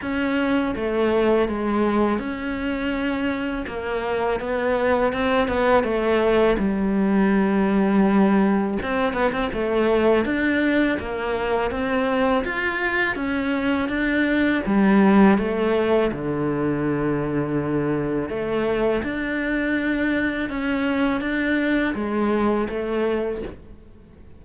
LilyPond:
\new Staff \with { instrumentName = "cello" } { \time 4/4 \tempo 4 = 82 cis'4 a4 gis4 cis'4~ | cis'4 ais4 b4 c'8 b8 | a4 g2. | c'8 b16 c'16 a4 d'4 ais4 |
c'4 f'4 cis'4 d'4 | g4 a4 d2~ | d4 a4 d'2 | cis'4 d'4 gis4 a4 | }